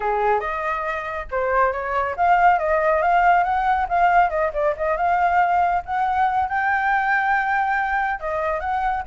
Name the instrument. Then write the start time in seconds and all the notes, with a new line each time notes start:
flute
0.00 G#4
0.40 D#5
1.31 C5
1.72 C#5
2.16 F5
2.58 D#5
3.02 F5
3.43 F#5
3.88 F5
4.29 D#5
4.53 D5
4.76 D#5
4.96 F5
5.85 F#5
6.48 G5
8.20 D#5
8.60 F#5